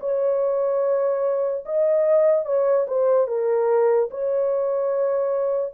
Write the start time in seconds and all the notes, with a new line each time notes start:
0.00 C#5
1.66 D#5
2.45 C#5
2.88 C5
3.27 A#4
4.11 C#5